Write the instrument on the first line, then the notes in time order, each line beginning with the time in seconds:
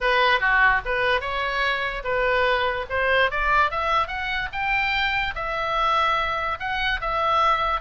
oboe
0.00 B4
0.40 F#4
0.85 B4
1.20 C#5
2.04 B4
2.89 C5
3.30 D5
3.70 E5
4.07 F#5
4.52 G5
5.35 E5
6.59 F#5
7.01 E5